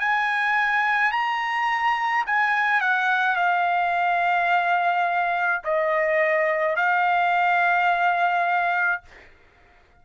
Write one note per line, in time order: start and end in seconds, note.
0.00 1.12 G#5
1.12 2.25 A#5
2.26 2.81 G#5
2.81 3.36 F#5
3.36 5.62 F5
5.64 6.76 D#5
6.76 9.03 F5